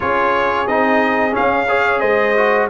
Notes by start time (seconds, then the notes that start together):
0.00 C#4 F4 G#4 C#5
0.67 C4 D#4 D#5
1.31 C#4 F5
1.38 C#4
1.68 G#4 C#5
2.00 G#3 C5 D#5
2.36 F#4